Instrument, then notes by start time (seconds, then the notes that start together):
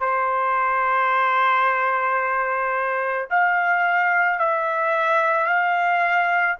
trumpet
0.00 C5
3.30 F5
4.39 E5
5.47 F5